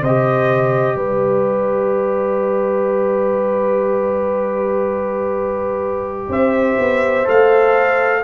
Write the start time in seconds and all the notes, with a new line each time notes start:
0.00 C3 C5 D#5
0.06 G4
0.96 G3 B4 D5
6.28 C4 C5 E5
6.78 B3
7.24 A3 A4 F5